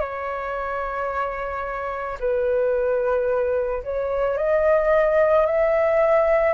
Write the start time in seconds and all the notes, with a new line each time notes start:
0.00 C#5
2.19 B4
3.84 C#5
4.37 D#5
5.46 E5